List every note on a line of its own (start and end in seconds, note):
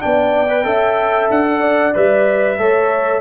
0.00 0.65 B3
0.00 0.48 D4
0.00 0.66 D5
0.00 1.29 G5
0.49 0.64 B4
0.64 1.29 C#4
0.64 1.92 A4
0.64 1.45 E5
1.30 1.94 D4
1.30 1.94 F#5
1.47 1.60 D4
1.60 2.56 D5
1.94 2.58 G3
1.94 2.58 B4
1.94 3.21 E5
2.58 3.21 A3
2.58 3.21 A4
2.58 3.21 C#5